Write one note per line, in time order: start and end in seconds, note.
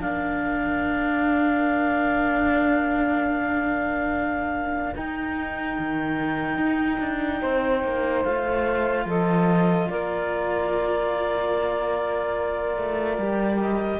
0.00 4.95 A#3
0.00 4.94 D4
0.00 7.40 A#4
0.00 4.94 F5
4.95 5.77 D#4
4.95 8.25 D#4
4.95 8.24 G5
5.79 6.57 D#3
6.57 6.98 D#4
6.99 7.40 D4
7.40 7.84 C4
7.40 9.05 C5
7.84 8.25 A#3
8.24 9.05 A3
8.24 13.20 F4
8.24 9.06 F5
9.05 9.87 F3
9.05 9.88 A4
9.05 9.90 D#5
9.90 12.76 A#3
9.90 14.00 A#4
9.90 13.59 D5
12.76 13.17 A3
13.17 13.99 G3
13.17 14.00 G4
13.60 14.00 D#5